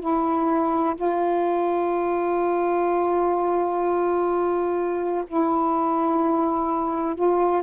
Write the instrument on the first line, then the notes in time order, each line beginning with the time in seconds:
saxophone
0.00 E4
0.96 F4
5.27 E4
7.15 F4